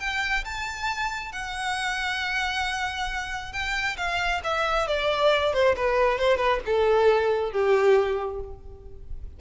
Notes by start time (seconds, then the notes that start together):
0.00 G5
0.45 A5
1.32 F#5
3.53 G5
3.97 F5
4.44 E5
4.87 D5
5.54 C5
5.76 B4
6.19 C5
6.37 B4
6.66 A4
7.52 G4